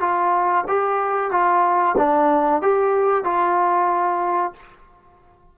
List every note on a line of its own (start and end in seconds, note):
0.00 0.65 F4
0.67 1.31 G4
1.31 1.95 F4
1.97 2.62 D4
2.62 3.24 G4
3.24 4.53 F4